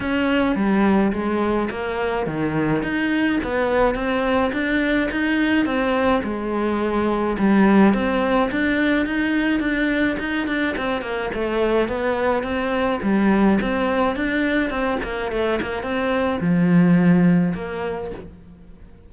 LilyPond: \new Staff \with { instrumentName = "cello" } { \time 4/4 \tempo 4 = 106 cis'4 g4 gis4 ais4 | dis4 dis'4 b4 c'4 | d'4 dis'4 c'4 gis4~ | gis4 g4 c'4 d'4 |
dis'4 d'4 dis'8 d'8 c'8 ais8 | a4 b4 c'4 g4 | c'4 d'4 c'8 ais8 a8 ais8 | c'4 f2 ais4 | }